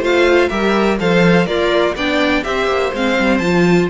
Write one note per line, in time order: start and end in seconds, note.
0.00 0.48 A3
0.00 0.51 F4
0.00 0.50 C5
0.00 0.49 F5
0.49 1.00 G3
0.49 0.99 G4
0.49 0.99 A#4
0.49 0.98 E5
1.01 1.47 F3
1.01 1.46 A4
1.01 1.48 C5
1.01 1.47 F5
1.46 1.95 A#3
1.46 1.96 F4
1.46 1.94 A#4
1.46 1.95 D5
1.96 2.44 B3
1.96 2.45 D4
1.96 2.45 D5
1.96 2.44 G5
2.44 2.68 C4
2.44 2.93 G4
2.44 3.91 C5
2.44 2.92 E5
2.68 2.92 A#3
2.94 3.18 G#3
2.94 3.43 C4
2.94 3.39 F5
3.19 3.40 G3
3.39 3.88 F3
3.39 3.91 F4
3.39 3.87 A5